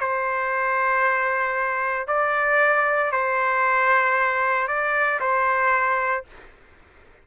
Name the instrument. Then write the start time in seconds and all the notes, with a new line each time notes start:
trumpet
0.00 C5
2.08 D5
3.12 C5
4.68 D5
5.21 C5